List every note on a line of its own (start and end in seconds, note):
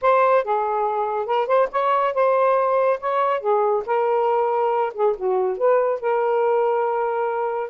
0.01 0.44 C5
0.44 1.26 G#4
1.26 1.46 A#4
1.46 1.68 C5
1.71 2.14 C#5
2.14 2.99 C5
3.00 3.40 C#5
3.40 3.83 G#4
3.86 4.93 A#4
4.94 5.15 G#4
5.16 5.57 F#4
5.57 6.00 B4
6.00 7.69 A#4